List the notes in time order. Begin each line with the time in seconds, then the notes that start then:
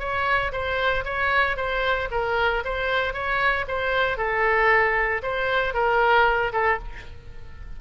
0.00 C#5
0.52 C5
1.05 C#5
1.57 C5
2.12 A#4
2.65 C5
3.14 C#5
3.68 C5
4.18 A4
5.23 C5
5.74 A#4
6.53 A4